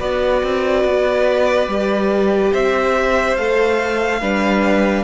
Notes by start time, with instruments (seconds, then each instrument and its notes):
0.00 cello B3, viola F#4, violin B4 D5
0.43 cello C4
0.85 cello B3
1.68 cello G3, viola G4
2.52 cello C4, violin C5 E5
3.37 cello A3, viola A4, violin F5
4.21 cello G3, viola D4, violin B4